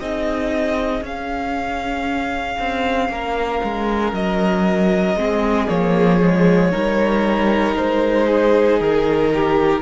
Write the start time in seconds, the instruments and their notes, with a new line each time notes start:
0.00 cello C4, viola D#4, violin G#4 D#5
1.03 cello C#4, viola C#4, violin F5
2.59 cello C4
3.09 cello A#3, violin A#4
3.64 cello G#3
4.13 cello F#3, violin D#5
5.16 cello G#3, viola C4, violin G#4
5.68 cello F3, viola A#3, violin C#5
6.21 viola G#3
6.72 cello G3, viola D#4, violin A#4
7.77 cello G#3, violin C5
8.27 violin G#4
8.80 cello D#3, violin A#4
9.34 violin G4